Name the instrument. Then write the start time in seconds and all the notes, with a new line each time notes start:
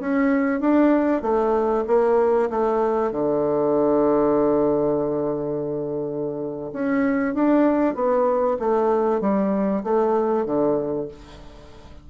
bassoon
0.00 C#4
0.60 D4
1.22 A3
1.87 A#3
2.50 A3
3.12 D3
6.72 C#4
7.34 D4
7.95 B3
8.59 A3
9.20 G3
9.84 A3
10.45 D3